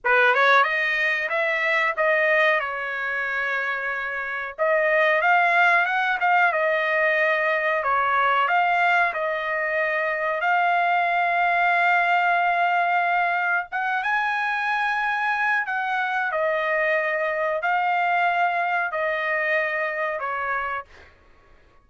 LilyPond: \new Staff \with { instrumentName = "trumpet" } { \time 4/4 \tempo 4 = 92 b'8 cis''8 dis''4 e''4 dis''4 | cis''2. dis''4 | f''4 fis''8 f''8 dis''2 | cis''4 f''4 dis''2 |
f''1~ | f''4 fis''8 gis''2~ gis''8 | fis''4 dis''2 f''4~ | f''4 dis''2 cis''4 | }